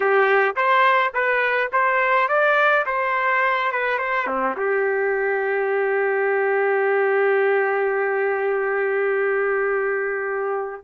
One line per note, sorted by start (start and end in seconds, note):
0.00 0.55 G4
0.56 1.13 C5
1.14 1.71 B4
1.72 2.28 C5
2.28 2.85 D5
2.86 3.71 C5
3.71 3.98 B4
3.98 4.26 C5
4.26 4.55 C4
4.56 10.84 G4